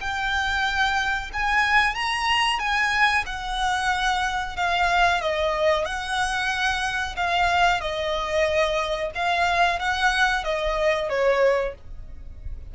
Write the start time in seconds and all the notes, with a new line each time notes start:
0.00 G5
1.33 G#5
1.95 A#5
2.59 G#5
3.25 F#5
4.56 F5
5.21 D#5
5.85 F#5
7.16 F5
7.80 D#5
9.15 F5
9.79 F#5
10.44 D#5
11.09 C#5